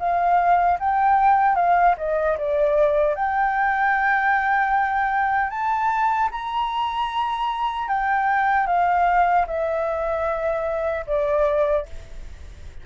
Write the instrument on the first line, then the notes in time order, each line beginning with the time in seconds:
flute
0.00 F5
0.80 G5
1.56 F5
1.98 D#5
2.38 D5
3.16 G5
5.51 A5
6.32 A#5
7.89 G5
8.67 F5
9.47 E5
11.07 D5